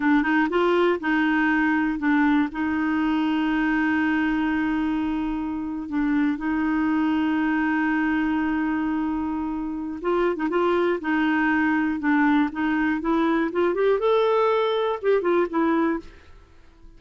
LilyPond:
\new Staff \with { instrumentName = "clarinet" } { \time 4/4 \tempo 4 = 120 d'8 dis'8 f'4 dis'2 | d'4 dis'2.~ | dis'2.~ dis'8. d'16~ | d'8. dis'2.~ dis'16~ |
dis'1 | f'8. dis'16 f'4 dis'2 | d'4 dis'4 e'4 f'8 g'8 | a'2 g'8 f'8 e'4 | }